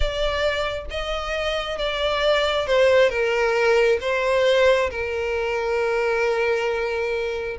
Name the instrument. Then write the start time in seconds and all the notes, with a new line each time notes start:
violin
0.00 D5
0.90 D#5
1.78 D5
2.67 C5
3.09 A#4
4.01 C5
4.90 A#4